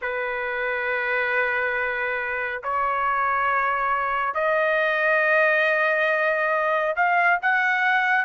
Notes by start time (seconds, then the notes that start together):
0.01 B4
2.63 C#5
4.34 D#5
6.96 F5
7.42 F#5